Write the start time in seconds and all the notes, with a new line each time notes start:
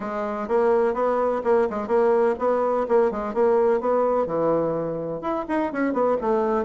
0.00 G#3
0.48 A#3
0.94 B3
1.44 A#3
1.69 G#3
1.87 A#3
2.39 B3
2.88 A#3
3.11 G#3
3.34 A#3
3.80 B3
4.26 E3
5.21 E4
5.48 D#4
5.72 C#4
5.93 B3
6.21 A3